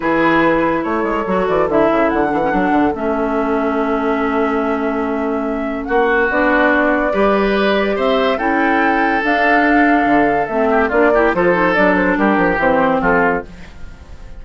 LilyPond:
<<
  \new Staff \with { instrumentName = "flute" } { \time 4/4 \tempo 4 = 143 b'2 cis''4. d''8 | e''4 fis''2 e''4~ | e''1~ | e''2 fis''4 d''4~ |
d''2. e''4 | g''2 f''2~ | f''4 e''4 d''4 c''4 | d''8 c''8 ais'4 c''4 a'4 | }
  \new Staff \with { instrumentName = "oboe" } { \time 4/4 gis'2 a'2~ | a'1~ | a'1~ | a'2 fis'2~ |
fis'4 b'2 c''4 | a'1~ | a'4. g'8 f'8 g'8 a'4~ | a'4 g'2 f'4 | }
  \new Staff \with { instrumentName = "clarinet" } { \time 4/4 e'2. fis'4 | e'4. d'16 cis'16 d'4 cis'4~ | cis'1~ | cis'2. d'4~ |
d'4 g'2. | e'2 d'2~ | d'4 c'4 d'8 e'8 f'8 dis'8 | d'2 c'2 | }
  \new Staff \with { instrumentName = "bassoon" } { \time 4/4 e2 a8 gis8 fis8 e8 | d8 cis8 d8 e8 fis8 d8 a4~ | a1~ | a2 ais4 b4~ |
b4 g2 c'4 | cis'2 d'2 | d4 a4 ais4 f4 | fis4 g8 f8 e4 f4 | }
>>